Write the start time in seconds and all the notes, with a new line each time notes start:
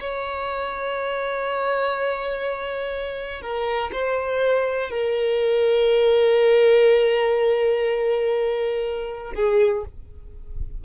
0.00 C#5
3.42 A#4
3.93 C5
4.90 A#4
9.35 G#4